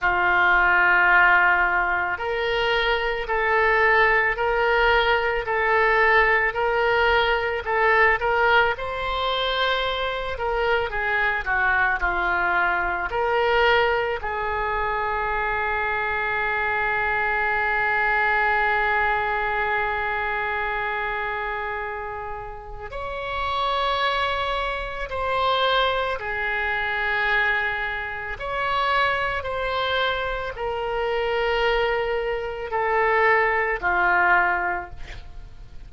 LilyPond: \new Staff \with { instrumentName = "oboe" } { \time 4/4 \tempo 4 = 55 f'2 ais'4 a'4 | ais'4 a'4 ais'4 a'8 ais'8 | c''4. ais'8 gis'8 fis'8 f'4 | ais'4 gis'2.~ |
gis'1~ | gis'4 cis''2 c''4 | gis'2 cis''4 c''4 | ais'2 a'4 f'4 | }